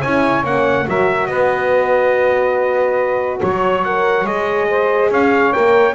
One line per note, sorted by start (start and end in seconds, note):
0.00 0.44 C#4
0.00 0.43 E4
0.00 0.85 C#5
0.00 0.44 G#5
0.43 0.86 A#3
0.43 0.85 C#4
0.43 0.88 F#5
0.85 1.28 F#3
0.85 3.83 F#4
0.85 1.29 A#4
0.85 1.26 E5
1.26 3.41 B3
1.26 3.40 B4
1.26 3.39 D#5
3.40 4.24 F#3
3.40 4.67 C#5
3.40 3.84 C#5
3.84 4.26 A#4
3.84 4.26 F#5
4.24 5.09 G#3
4.24 5.53 G#4
4.24 5.11 D#5
4.69 5.11 C5
5.10 5.53 C#4
5.10 5.94 C#5
5.10 5.52 F5
5.52 5.94 A#3
5.52 5.94 A#4
5.52 5.94 G5